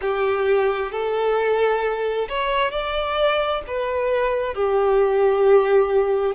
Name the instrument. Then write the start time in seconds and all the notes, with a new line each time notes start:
violin
0.01 G4
0.91 A4
2.28 C#5
2.71 D5
3.67 B4
4.54 G4